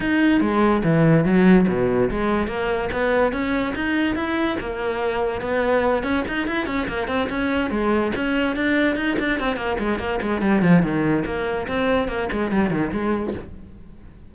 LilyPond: \new Staff \with { instrumentName = "cello" } { \time 4/4 \tempo 4 = 144 dis'4 gis4 e4 fis4 | b,4 gis4 ais4 b4 | cis'4 dis'4 e'4 ais4~ | ais4 b4. cis'8 dis'8 e'8 |
cis'8 ais8 c'8 cis'4 gis4 cis'8~ | cis'8 d'4 dis'8 d'8 c'8 ais8 gis8 | ais8 gis8 g8 f8 dis4 ais4 | c'4 ais8 gis8 g8 dis8 gis4 | }